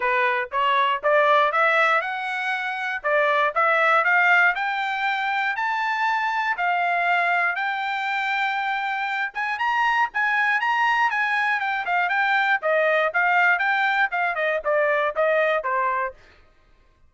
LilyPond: \new Staff \with { instrumentName = "trumpet" } { \time 4/4 \tempo 4 = 119 b'4 cis''4 d''4 e''4 | fis''2 d''4 e''4 | f''4 g''2 a''4~ | a''4 f''2 g''4~ |
g''2~ g''8 gis''8 ais''4 | gis''4 ais''4 gis''4 g''8 f''8 | g''4 dis''4 f''4 g''4 | f''8 dis''8 d''4 dis''4 c''4 | }